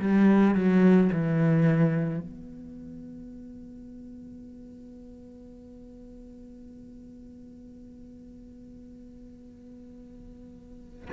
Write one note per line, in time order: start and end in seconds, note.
0.00 0.56 G3
0.56 1.11 F#3
1.13 2.20 E3
2.20 11.09 B3